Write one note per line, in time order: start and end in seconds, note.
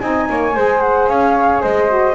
0.00 0.29 C4
0.00 0.54 D#4
0.00 0.28 D#5
0.00 0.80 G#5
0.29 0.56 A#3
0.29 0.55 C#5
0.55 1.08 G#3
0.55 1.88 G#4
0.55 1.09 C5
0.80 1.07 F#5
1.08 1.62 C#4
1.08 1.62 C#5
1.08 1.61 F5
1.62 2.15 G#3
1.62 2.15 C5
1.62 2.15 D#5
1.88 2.15 F#4